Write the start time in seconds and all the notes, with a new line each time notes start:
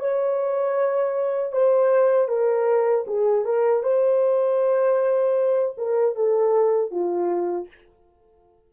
0.00 C#5
1.52 C5
2.29 A#4
3.07 G#4
3.45 A#4
3.84 C5
5.78 A#4
6.16 A4
6.91 F4